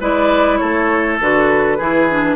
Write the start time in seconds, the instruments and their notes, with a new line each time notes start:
0.00 bassoon G#3, clarinet E4, oboe B4, flute D5
0.57 bassoon A3, oboe A4, flute C#5
1.21 bassoon D3, clarinet F#4, flute B4
1.78 bassoon E3, clarinet E4, oboe G#4
2.10 clarinet D4